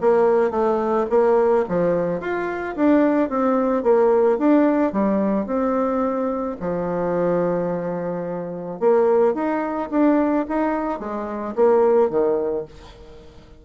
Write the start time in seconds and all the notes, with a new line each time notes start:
0.00 A#3
0.50 A3
1.10 A#3
1.68 F3
2.20 F4
2.76 D4
3.29 C4
3.83 A#3
4.38 D4
4.92 G3
5.46 C4
6.60 F3
8.79 A#3
9.34 D#4
9.91 D4
10.48 D#4
10.99 G#3
11.55 A#3
12.10 D#3